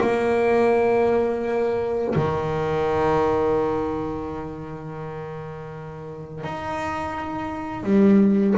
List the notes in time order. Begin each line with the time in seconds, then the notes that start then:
0.00 A#3
2.15 D#3
6.44 D#4
7.83 G3